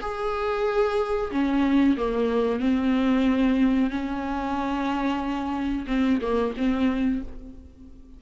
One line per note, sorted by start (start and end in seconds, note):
0.00 1.30 G#4
1.31 1.96 C#4
1.97 2.60 A#3
2.60 3.90 C4
3.90 5.85 C#4
5.87 6.19 C4
6.21 6.53 A#3
6.57 7.22 C4